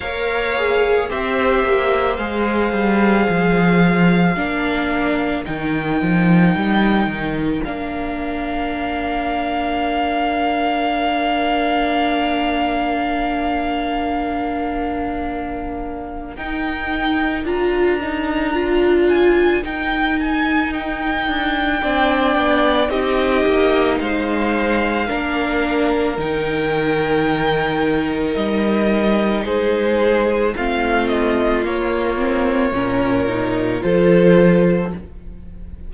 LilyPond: <<
  \new Staff \with { instrumentName = "violin" } { \time 4/4 \tempo 4 = 55 f''4 e''4 f''2~ | f''4 g''2 f''4~ | f''1~ | f''2. g''4 |
ais''4. gis''8 g''8 gis''8 g''4~ | g''4 dis''4 f''2 | g''2 dis''4 c''4 | f''8 dis''8 cis''2 c''4 | }
  \new Staff \with { instrumentName = "violin" } { \time 4/4 cis''4 c''2. | ais'1~ | ais'1~ | ais'1~ |
ais'1 | d''4 g'4 c''4 ais'4~ | ais'2. gis'4 | f'2 ais'4 a'4 | }
  \new Staff \with { instrumentName = "viola" } { \time 4/4 ais'8 gis'8 g'4 gis'2 | d'4 dis'2 d'4~ | d'1~ | d'2. dis'4 |
f'8 dis'8 f'4 dis'2 | d'4 dis'2 d'4 | dis'1 | c'4 ais8 c'8 cis'8 dis'8 f'4 | }
  \new Staff \with { instrumentName = "cello" } { \time 4/4 ais4 c'8 ais8 gis8 g8 f4 | ais4 dis8 f8 g8 dis8 ais4~ | ais1~ | ais2. dis'4 |
d'2 dis'4. d'8 | c'8 b8 c'8 ais8 gis4 ais4 | dis2 g4 gis4 | a4 ais4 ais,4 f4 | }
>>